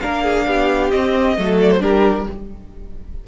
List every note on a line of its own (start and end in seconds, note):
0.00 0.46 A#3
0.00 0.91 D4
0.00 0.23 A#4
0.00 0.90 F5
0.23 0.46 G#4
0.46 0.92 B3
0.46 1.37 G4
0.90 1.36 C4
0.90 1.37 C4
0.90 1.58 D#5
1.37 1.80 F#3
1.37 1.80 A3
1.37 1.81 A4
1.61 1.71 D5
1.71 1.82 C5
1.80 2.26 G3
1.80 2.25 D4
1.80 2.27 G4
1.80 2.27 A#4